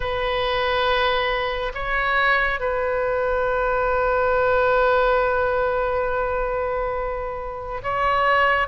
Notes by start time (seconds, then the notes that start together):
0.00 B4
1.74 C#5
2.60 B4
7.82 C#5